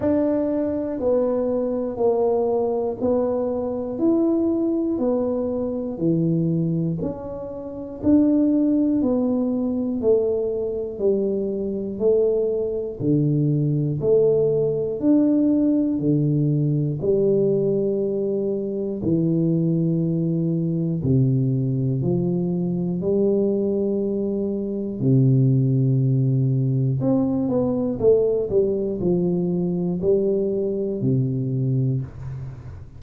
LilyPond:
\new Staff \with { instrumentName = "tuba" } { \time 4/4 \tempo 4 = 60 d'4 b4 ais4 b4 | e'4 b4 e4 cis'4 | d'4 b4 a4 g4 | a4 d4 a4 d'4 |
d4 g2 e4~ | e4 c4 f4 g4~ | g4 c2 c'8 b8 | a8 g8 f4 g4 c4 | }